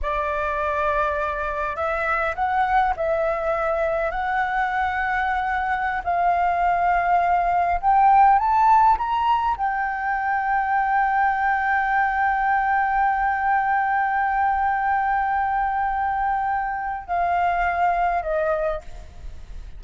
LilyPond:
\new Staff \with { instrumentName = "flute" } { \time 4/4 \tempo 4 = 102 d''2. e''4 | fis''4 e''2 fis''4~ | fis''2~ fis''16 f''4.~ f''16~ | f''4~ f''16 g''4 a''4 ais''8.~ |
ais''16 g''2.~ g''8.~ | g''1~ | g''1~ | g''4 f''2 dis''4 | }